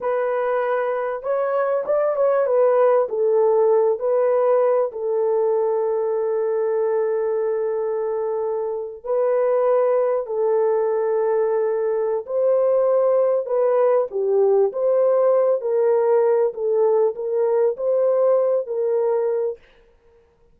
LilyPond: \new Staff \with { instrumentName = "horn" } { \time 4/4 \tempo 4 = 98 b'2 cis''4 d''8 cis''8 | b'4 a'4. b'4. | a'1~ | a'2~ a'8. b'4~ b'16~ |
b'8. a'2.~ a'16 | c''2 b'4 g'4 | c''4. ais'4. a'4 | ais'4 c''4. ais'4. | }